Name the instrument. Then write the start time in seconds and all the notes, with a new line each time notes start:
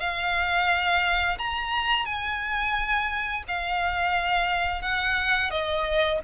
violin
0.00 F5
1.38 A#5
2.06 G#5
3.48 F5
4.82 F#5
5.51 D#5